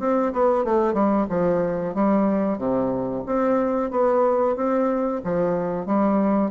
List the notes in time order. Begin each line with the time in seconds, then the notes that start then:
0.00 C4
0.33 B3
0.65 A3
0.94 G3
1.30 F3
1.94 G3
2.58 C3
3.26 C4
3.91 B3
4.56 C4
5.24 F3
5.86 G3